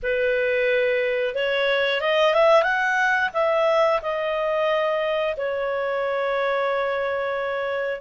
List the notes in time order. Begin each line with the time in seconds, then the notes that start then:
0.02 B4
1.35 C#5
2.00 D#5
2.34 E5
2.62 F#5
3.33 E5
4.02 D#5
5.36 C#5